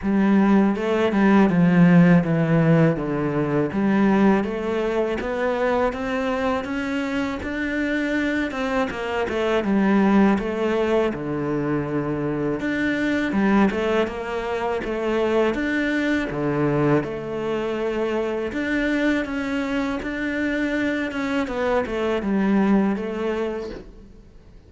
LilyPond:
\new Staff \with { instrumentName = "cello" } { \time 4/4 \tempo 4 = 81 g4 a8 g8 f4 e4 | d4 g4 a4 b4 | c'4 cis'4 d'4. c'8 | ais8 a8 g4 a4 d4~ |
d4 d'4 g8 a8 ais4 | a4 d'4 d4 a4~ | a4 d'4 cis'4 d'4~ | d'8 cis'8 b8 a8 g4 a4 | }